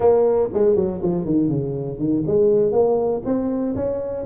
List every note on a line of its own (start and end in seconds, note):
0.00 0.49 A#3
0.53 0.75 G#3
0.75 1.00 F#3
1.02 1.25 F3
1.25 1.48 D#3
1.48 1.98 C#3
1.98 2.23 D#3
2.26 2.71 G#3
2.71 3.21 A#3
3.25 3.75 C4
3.75 4.25 C#4